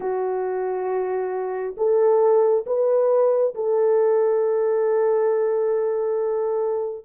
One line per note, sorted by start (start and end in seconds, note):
0.00 1.75 F#4
1.77 2.65 A4
2.66 3.54 B4
3.54 7.05 A4